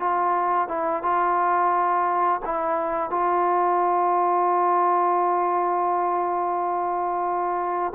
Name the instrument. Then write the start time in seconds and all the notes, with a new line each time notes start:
trombone
0.00 F4
0.68 E4
1.03 F4
2.45 E4
3.10 F4